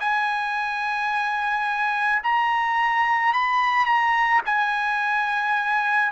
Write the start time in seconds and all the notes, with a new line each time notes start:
0.00 G#5
2.23 A#5
3.33 B5
3.86 A#5
4.46 G#5